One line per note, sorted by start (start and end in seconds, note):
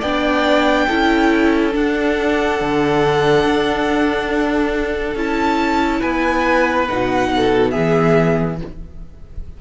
0.00 0.88 B3
0.00 0.89 D4
0.00 0.86 D5
0.00 1.73 G5
0.87 1.75 C#4
0.87 1.72 E4
0.87 6.00 A4
1.72 5.15 D4
1.72 2.61 D4
1.72 5.17 F#5
2.61 3.45 D3
3.45 5.15 D4
5.15 6.01 C#4
5.15 6.88 E4
5.15 6.02 A5
6.00 6.89 B3
6.00 7.28 B4
6.00 6.87 G#5
6.87 7.75 B2
6.87 7.73 D#4
6.87 7.70 F#5
7.36 7.71 A4
7.70 8.61 E3
7.70 8.58 B3
7.70 8.57 G#4
7.70 8.56 E5